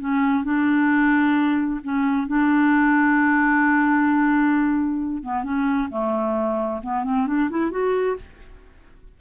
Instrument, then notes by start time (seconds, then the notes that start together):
clarinet
0.00 C#4
0.44 D4
1.84 C#4
2.27 D4
5.23 B3
5.44 C#4
5.90 A3
6.83 B3
7.04 C4
7.27 D4
7.50 E4
7.71 F#4